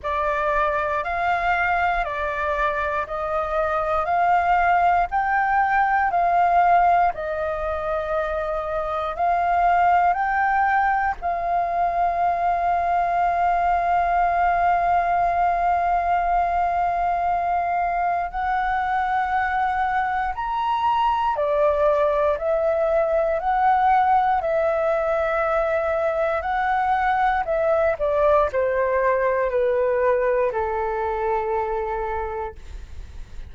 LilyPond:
\new Staff \with { instrumentName = "flute" } { \time 4/4 \tempo 4 = 59 d''4 f''4 d''4 dis''4 | f''4 g''4 f''4 dis''4~ | dis''4 f''4 g''4 f''4~ | f''1~ |
f''2 fis''2 | ais''4 d''4 e''4 fis''4 | e''2 fis''4 e''8 d''8 | c''4 b'4 a'2 | }